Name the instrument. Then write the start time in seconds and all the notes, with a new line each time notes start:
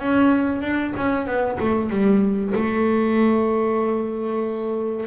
double bass
0.00 C#4
0.62 D4
0.97 C#4
1.27 B3
1.60 A3
1.90 G3
2.55 A3